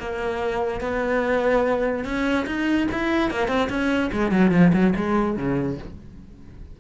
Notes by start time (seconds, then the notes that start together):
0.00 A#3
0.81 B3
2.05 C#4
2.46 D#4
2.92 E4
3.31 A#3
3.48 C4
3.70 C#4
4.12 G#3
4.32 F#3
4.52 F3
4.73 F#3
4.97 G#3
5.37 C#3